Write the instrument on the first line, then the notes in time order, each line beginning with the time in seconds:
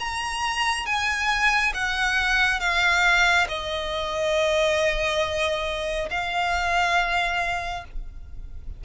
violin
0.00 A#5
0.86 G#5
1.74 F#5
2.60 F5
3.49 D#5
6.11 F5